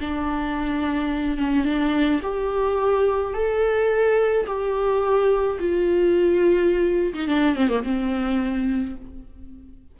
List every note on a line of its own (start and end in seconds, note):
0.00 1.37 D4
1.37 1.64 C#4
1.64 2.20 D4
2.22 3.33 G4
3.33 4.46 A4
4.46 5.58 G4
5.59 7.13 F4
7.13 7.27 D#4
7.27 7.55 D4
7.55 7.69 C4
7.69 7.83 A#3
7.83 8.95 C4